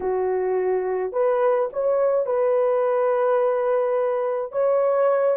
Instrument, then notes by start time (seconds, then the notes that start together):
horn
0.00 F#4
1.12 B4
1.72 C#5
2.26 B4
4.51 C#5